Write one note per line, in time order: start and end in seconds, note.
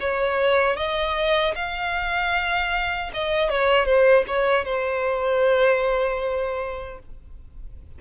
0.00 0.77 C#5
0.77 1.54 D#5
1.55 3.11 F5
3.14 3.50 D#5
3.50 3.85 C#5
3.85 4.24 C5
4.27 4.65 C#5
4.65 6.98 C5